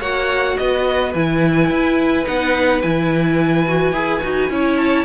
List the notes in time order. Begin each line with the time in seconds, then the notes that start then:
0.00 A#3 F#4 C#5 F#5
0.58 B3 B4 D#5
1.14 E3 E4 G#5
1.70 E4
2.25 B3 D#4 F#5
2.82 E3 E4 G#5
3.67 F#4
3.92 E4 G#4
4.23 D#4 F#4
4.50 C#4 E4 C#5
4.77 A5